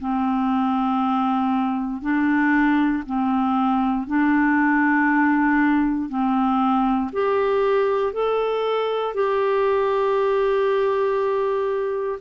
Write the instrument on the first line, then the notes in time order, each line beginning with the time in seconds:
clarinet
0.00 C4
2.02 D4
3.06 C4
4.07 D4
6.09 C4
7.13 G4
8.14 A4
9.15 G4